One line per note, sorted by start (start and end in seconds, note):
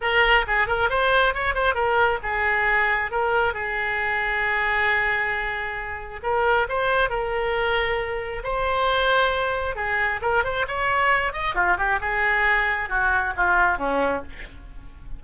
0.01 0.45 A#4
0.47 0.67 G#4
0.67 0.89 A#4
0.89 1.34 C5
1.34 1.54 C#5
1.54 1.74 C5
1.74 2.18 A#4
2.23 3.11 G#4
3.11 3.53 A#4
3.53 6.20 G#4
6.22 6.67 A#4
6.68 7.09 C5
7.09 8.42 A#4
8.43 9.75 C5
9.75 10.20 G#4
10.21 10.43 A#4
10.43 10.66 C5
10.67 11.33 C#5
11.33 11.55 D#5
11.55 11.77 F4
11.77 11.99 G4
12.00 12.89 G#4
12.89 13.33 F#4
13.36 13.78 F4
13.78 14.22 C#4